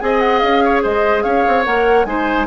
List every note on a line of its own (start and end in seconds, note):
0.00 0.43 C4
0.00 1.66 G#4
0.00 0.64 D#5
0.00 0.20 G#5
0.20 0.39 F#5
0.39 0.84 C#4
0.39 0.80 F5
0.64 0.83 C#5
0.83 1.25 G#3
0.83 1.24 C5
0.83 1.23 D#5
1.23 1.45 C#4
1.23 2.07 C#5
1.23 1.64 F5
1.48 1.66 C4
1.65 2.05 A#3
1.65 2.07 A#4
1.65 2.05 F#5
2.05 2.47 G#3
2.05 2.47 D#4
2.05 2.47 C5
2.05 2.47 G#5